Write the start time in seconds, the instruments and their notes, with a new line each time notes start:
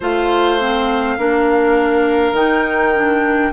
0.00 bassoon A3, clarinet F4, oboe C5, flute F5
0.60 clarinet C4
1.17 bassoon A#3, clarinet D4, oboe A#4
2.32 bassoon D#3, clarinet D#4, flute G5
2.95 clarinet D4